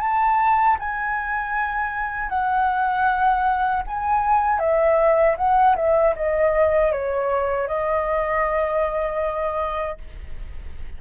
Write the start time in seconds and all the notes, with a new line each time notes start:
0.00 A5
0.79 G#5
2.29 F#5
3.87 G#5
4.59 E5
5.37 F#5
5.76 E5
6.16 D#5
6.92 C#5
7.67 D#5